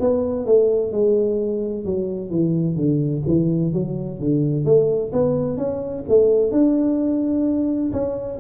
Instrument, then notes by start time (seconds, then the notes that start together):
tuba
0.00 B3
0.46 A3
0.92 G#3
1.85 F#3
2.31 E3
2.76 D3
3.27 E3
3.73 F#3
4.19 D3
4.65 A3
5.13 B3
5.57 C#4
6.09 A3
6.52 D4
7.93 C#4